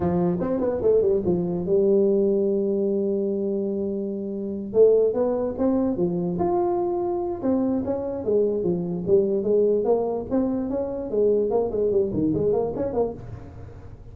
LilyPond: \new Staff \with { instrumentName = "tuba" } { \time 4/4 \tempo 4 = 146 f4 c'8 b8 a8 g8 f4 | g1~ | g2.~ g8 a8~ | a8 b4 c'4 f4 f'8~ |
f'2 c'4 cis'4 | gis4 f4 g4 gis4 | ais4 c'4 cis'4 gis4 | ais8 gis8 g8 dis8 gis8 ais8 cis'8 ais8 | }